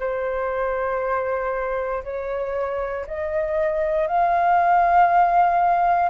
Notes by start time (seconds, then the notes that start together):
0.00 C5
2.04 C#5
3.07 D#5
4.07 F5